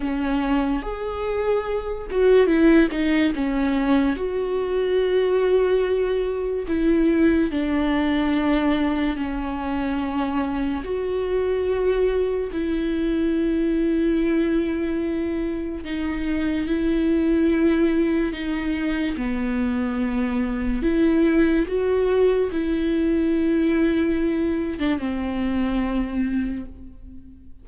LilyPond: \new Staff \with { instrumentName = "viola" } { \time 4/4 \tempo 4 = 72 cis'4 gis'4. fis'8 e'8 dis'8 | cis'4 fis'2. | e'4 d'2 cis'4~ | cis'4 fis'2 e'4~ |
e'2. dis'4 | e'2 dis'4 b4~ | b4 e'4 fis'4 e'4~ | e'4.~ e'16 d'16 c'2 | }